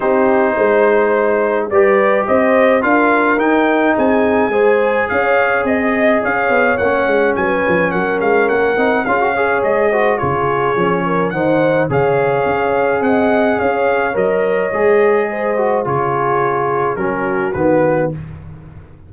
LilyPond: <<
  \new Staff \with { instrumentName = "trumpet" } { \time 4/4 \tempo 4 = 106 c''2. d''4 | dis''4 f''4 g''4 gis''4~ | gis''4 f''4 dis''4 f''4 | fis''4 gis''4 fis''8 f''8 fis''4 |
f''4 dis''4 cis''2 | fis''4 f''2 fis''4 | f''4 dis''2. | cis''2 ais'4 b'4 | }
  \new Staff \with { instrumentName = "horn" } { \time 4/4 g'4 c''2 b'4 | c''4 ais'2 gis'4 | c''4 cis''4 dis''4 cis''4~ | cis''4 b'4 ais'2 |
gis'8 cis''4 c''8 gis'4. ais'8 | c''4 cis''2 dis''4 | cis''2. c''4 | gis'2 fis'2 | }
  \new Staff \with { instrumentName = "trombone" } { \time 4/4 dis'2. g'4~ | g'4 f'4 dis'2 | gis'1 | cis'2.~ cis'8 dis'8 |
f'16 fis'16 gis'4 fis'8 f'4 cis'4 | dis'4 gis'2.~ | gis'4 ais'4 gis'4. fis'8 | f'2 cis'4 b4 | }
  \new Staff \with { instrumentName = "tuba" } { \time 4/4 c'4 gis2 g4 | c'4 d'4 dis'4 c'4 | gis4 cis'4 c'4 cis'8 b8 | ais8 gis8 fis8 f8 fis8 gis8 ais8 c'8 |
cis'4 gis4 cis4 f4 | dis4 cis4 cis'4 c'4 | cis'4 fis4 gis2 | cis2 fis4 dis4 | }
>>